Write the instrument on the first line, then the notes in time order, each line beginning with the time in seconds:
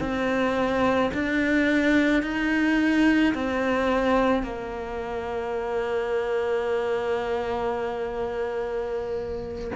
cello
0.00 C4
1.14 D4
2.23 D#4
3.34 C4
4.43 A#3